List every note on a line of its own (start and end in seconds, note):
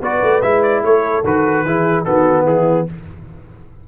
0.00 0.21 B3
0.00 0.42 F#4
0.00 0.82 B4
0.00 0.41 D5
0.22 0.42 A3
0.41 0.83 G#3
0.41 1.24 E4
0.41 0.62 E5
0.63 0.83 D5
0.83 1.24 A3
0.83 1.66 A4
0.83 1.25 C#5
1.24 1.65 D#3
1.24 1.66 F#4
1.24 2.04 B4
1.65 2.06 E3
1.65 2.05 E4
1.65 2.05 G#4
2.04 2.45 D#3
2.04 2.86 B3
2.04 2.45 F#4
2.04 2.45 A4
2.45 2.86 E3
2.45 2.86 E4
2.45 2.88 G#4